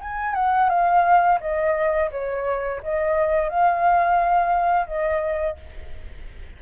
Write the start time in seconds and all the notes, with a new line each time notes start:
0.00 G#5
0.34 F#5
0.69 F5
1.40 D#5
2.11 C#5
2.83 D#5
3.49 F5
4.87 D#5